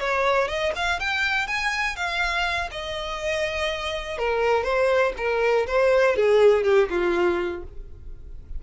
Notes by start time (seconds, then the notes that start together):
0.00 C#5
0.48 D#5
0.76 F5
1.00 G5
1.48 G#5
1.96 F5
2.71 D#5
4.18 A#4
4.64 C5
5.18 A#4
5.67 C5
6.16 G#4
6.64 G4
6.90 F4